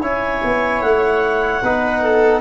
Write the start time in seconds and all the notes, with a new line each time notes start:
0.00 C#4 E4 C#5 G#5
0.43 B3
0.82 A3 F#5
1.62 B3 D#4 B4
2.02 A4